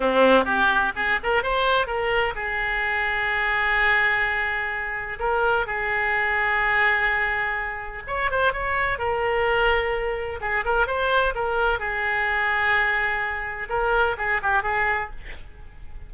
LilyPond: \new Staff \with { instrumentName = "oboe" } { \time 4/4 \tempo 4 = 127 c'4 g'4 gis'8 ais'8 c''4 | ais'4 gis'2.~ | gis'2. ais'4 | gis'1~ |
gis'4 cis''8 c''8 cis''4 ais'4~ | ais'2 gis'8 ais'8 c''4 | ais'4 gis'2.~ | gis'4 ais'4 gis'8 g'8 gis'4 | }